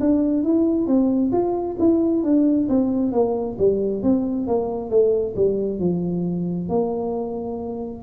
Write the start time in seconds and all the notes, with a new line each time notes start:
0.00 D4
0.44 E4
0.87 C4
1.32 F4
1.80 E4
2.23 D4
2.69 C4
3.13 A#3
3.59 G3
4.03 C4
4.47 A#3
4.91 A3
5.36 G3
5.80 F3
6.69 A#3